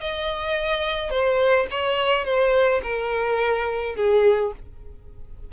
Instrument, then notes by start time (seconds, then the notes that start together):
violin
0.00 D#5
1.10 C5
1.70 C#5
2.24 C5
2.83 A#4
3.95 G#4